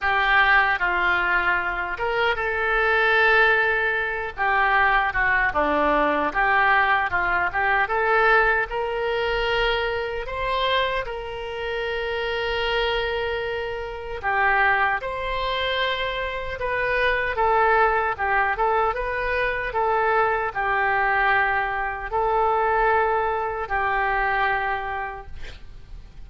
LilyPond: \new Staff \with { instrumentName = "oboe" } { \time 4/4 \tempo 4 = 76 g'4 f'4. ais'8 a'4~ | a'4. g'4 fis'8 d'4 | g'4 f'8 g'8 a'4 ais'4~ | ais'4 c''4 ais'2~ |
ais'2 g'4 c''4~ | c''4 b'4 a'4 g'8 a'8 | b'4 a'4 g'2 | a'2 g'2 | }